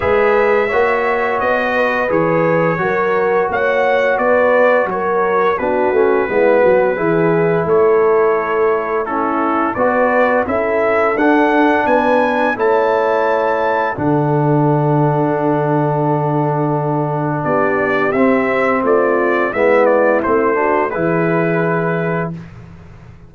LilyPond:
<<
  \new Staff \with { instrumentName = "trumpet" } { \time 4/4 \tempo 4 = 86 e''2 dis''4 cis''4~ | cis''4 fis''4 d''4 cis''4 | b'2. cis''4~ | cis''4 a'4 d''4 e''4 |
fis''4 gis''4 a''2 | fis''1~ | fis''4 d''4 e''4 d''4 | e''8 d''8 c''4 b'2 | }
  \new Staff \with { instrumentName = "horn" } { \time 4/4 b'4 cis''4. b'4. | ais'4 cis''4 b'4 ais'4 | fis'4 e'8 fis'8 gis'4 a'4~ | a'4 e'4 b'4 a'4~ |
a'4 b'4 cis''2 | a'1~ | a'4 g'2 f'4 | e'4. fis'8 gis'2 | }
  \new Staff \with { instrumentName = "trombone" } { \time 4/4 gis'4 fis'2 gis'4 | fis'1 | d'8 cis'8 b4 e'2~ | e'4 cis'4 fis'4 e'4 |
d'2 e'2 | d'1~ | d'2 c'2 | b4 c'8 d'8 e'2 | }
  \new Staff \with { instrumentName = "tuba" } { \time 4/4 gis4 ais4 b4 e4 | fis4 ais4 b4 fis4 | b8 a8 gis8 fis8 e4 a4~ | a2 b4 cis'4 |
d'4 b4 a2 | d1~ | d4 b4 c'4 a4 | gis4 a4 e2 | }
>>